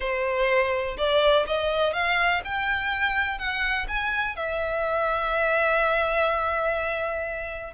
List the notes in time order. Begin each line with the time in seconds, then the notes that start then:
0.00 C5
0.97 D5
1.46 D#5
1.93 F5
2.44 G5
3.38 F#5
3.88 G#5
4.36 E5